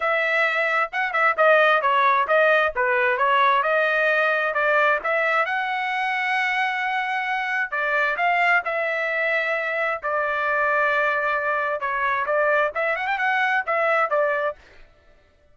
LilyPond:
\new Staff \with { instrumentName = "trumpet" } { \time 4/4 \tempo 4 = 132 e''2 fis''8 e''8 dis''4 | cis''4 dis''4 b'4 cis''4 | dis''2 d''4 e''4 | fis''1~ |
fis''4 d''4 f''4 e''4~ | e''2 d''2~ | d''2 cis''4 d''4 | e''8 fis''16 g''16 fis''4 e''4 d''4 | }